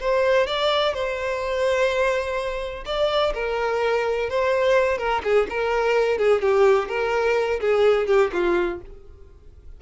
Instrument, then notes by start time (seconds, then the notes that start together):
violin
0.00 C5
0.47 D5
0.94 C5
2.86 D5
3.34 A#4
4.30 C5
4.98 A#4
5.24 G#4
5.50 A#4
6.18 G#4
6.42 G4
6.89 A#4
7.61 G#4
8.07 G4
8.33 F4